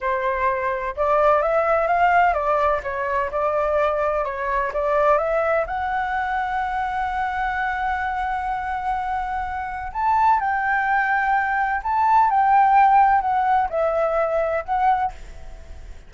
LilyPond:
\new Staff \with { instrumentName = "flute" } { \time 4/4 \tempo 4 = 127 c''2 d''4 e''4 | f''4 d''4 cis''4 d''4~ | d''4 cis''4 d''4 e''4 | fis''1~ |
fis''1~ | fis''4 a''4 g''2~ | g''4 a''4 g''2 | fis''4 e''2 fis''4 | }